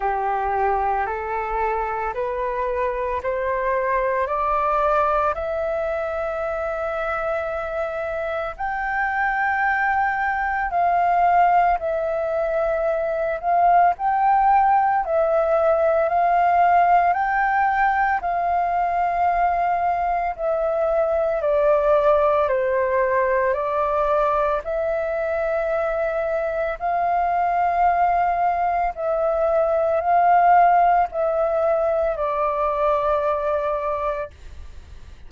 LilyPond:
\new Staff \with { instrumentName = "flute" } { \time 4/4 \tempo 4 = 56 g'4 a'4 b'4 c''4 | d''4 e''2. | g''2 f''4 e''4~ | e''8 f''8 g''4 e''4 f''4 |
g''4 f''2 e''4 | d''4 c''4 d''4 e''4~ | e''4 f''2 e''4 | f''4 e''4 d''2 | }